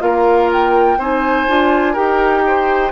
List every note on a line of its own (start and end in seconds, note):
0.00 0.98 A#3
0.00 0.97 F4
0.00 0.98 A#4
0.00 0.50 F5
0.52 1.01 G5
0.98 1.46 C4
0.98 1.48 D#4
0.98 1.93 C5
0.98 1.95 G#5
1.48 1.97 D4
1.48 1.95 F4
1.93 2.91 D#4
1.93 2.91 G4
1.93 2.41 A#4
1.93 2.91 G5
2.47 2.91 C5